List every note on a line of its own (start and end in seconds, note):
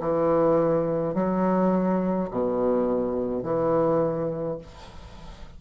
0.00 1.14 E3
1.14 2.30 F#3
2.31 3.43 B2
3.43 4.58 E3